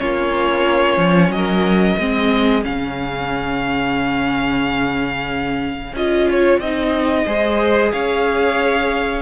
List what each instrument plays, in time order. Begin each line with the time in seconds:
0.00 cello A#3, viola C#4, violin F4 C#5
0.97 cello F3
1.29 cello F#3, violin D#5
1.36 violin A#4
1.99 cello G#3, viola C4, violin G#4
2.63 cello C#3, viola C#4, violin F5
5.93 cello C#4, viola F4, violin D#5
6.30 violin C#5
6.59 cello C4, viola D#4, violin D#5
7.26 cello G#3, viola G#4, violin C5
7.92 cello C#4, violin C#5 F5